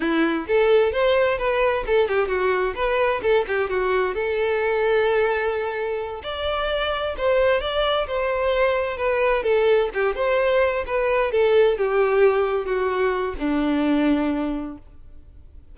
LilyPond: \new Staff \with { instrumentName = "violin" } { \time 4/4 \tempo 4 = 130 e'4 a'4 c''4 b'4 | a'8 g'8 fis'4 b'4 a'8 g'8 | fis'4 a'2.~ | a'4. d''2 c''8~ |
c''8 d''4 c''2 b'8~ | b'8 a'4 g'8 c''4. b'8~ | b'8 a'4 g'2 fis'8~ | fis'4 d'2. | }